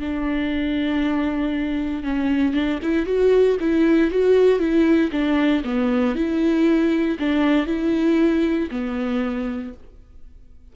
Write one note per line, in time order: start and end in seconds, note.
0.00 2.04 D4
2.04 2.54 C#4
2.54 2.79 D4
2.83 3.07 E4
3.07 3.58 F#4
3.60 4.11 E4
4.11 4.60 F#4
4.60 5.11 E4
5.12 5.64 D4
5.64 6.16 B3
6.16 7.18 E4
7.20 7.67 D4
7.67 8.69 E4
8.71 9.74 B3